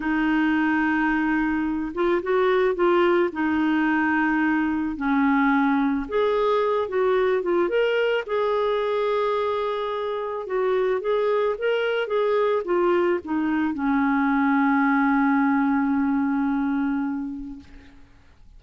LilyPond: \new Staff \with { instrumentName = "clarinet" } { \time 4/4 \tempo 4 = 109 dis'2.~ dis'8 f'8 | fis'4 f'4 dis'2~ | dis'4 cis'2 gis'4~ | gis'8 fis'4 f'8 ais'4 gis'4~ |
gis'2. fis'4 | gis'4 ais'4 gis'4 f'4 | dis'4 cis'2.~ | cis'1 | }